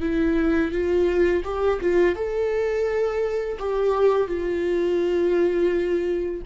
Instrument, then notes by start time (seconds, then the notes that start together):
viola
0.00 E4
0.71 F4
1.44 G4
1.81 F4
2.15 A4
3.58 G4
4.27 F4